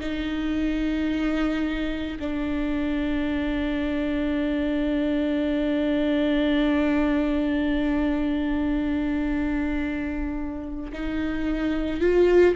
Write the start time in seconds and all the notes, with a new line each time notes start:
0.00 D#4
2.19 D4
10.92 D#4
12.00 F4